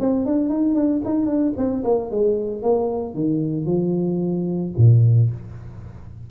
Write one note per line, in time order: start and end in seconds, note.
0.00 0.26 C4
0.26 0.49 D4
0.49 0.75 D#4
0.75 1.02 D4
1.05 1.26 D#4
1.26 1.53 D4
1.57 1.84 C4
1.84 2.11 A#3
2.11 2.62 G#3
2.62 3.14 A#3
3.14 3.66 D#3
3.66 4.72 F3
4.77 5.30 A#2